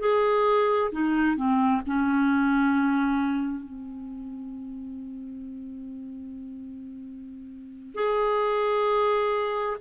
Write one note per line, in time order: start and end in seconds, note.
0.00 0.91 G#4
0.92 1.36 D#4
1.36 1.82 C4
1.86 3.64 C#4
3.64 7.95 C4
7.95 9.77 G#4